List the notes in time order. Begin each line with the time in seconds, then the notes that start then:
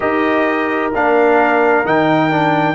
0.00 D#4 G4 A#4 D#5
0.93 A#3 D4 F5
1.84 D#3 D#4 G5
2.31 D4